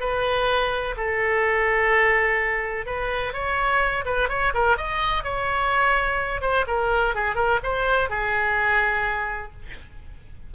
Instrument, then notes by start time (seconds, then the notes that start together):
oboe
0.00 B4
0.97 A4
2.86 B4
3.33 C#5
4.05 B4
4.29 C#5
4.54 A#4
4.77 D#5
5.24 C#5
6.41 C5
6.67 A#4
7.15 G#4
7.35 A#4
7.63 C5
8.09 G#4